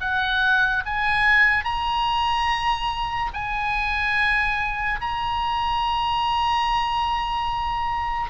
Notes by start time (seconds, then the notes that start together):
0.00 F#5
0.86 G#5
1.64 A#5
3.33 G#5
5.01 A#5